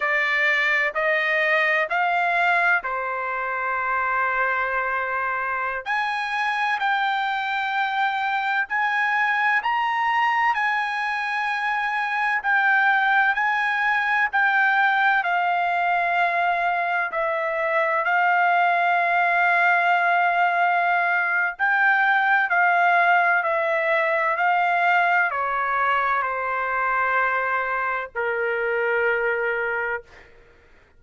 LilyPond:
\new Staff \with { instrumentName = "trumpet" } { \time 4/4 \tempo 4 = 64 d''4 dis''4 f''4 c''4~ | c''2~ c''16 gis''4 g''8.~ | g''4~ g''16 gis''4 ais''4 gis''8.~ | gis''4~ gis''16 g''4 gis''4 g''8.~ |
g''16 f''2 e''4 f''8.~ | f''2. g''4 | f''4 e''4 f''4 cis''4 | c''2 ais'2 | }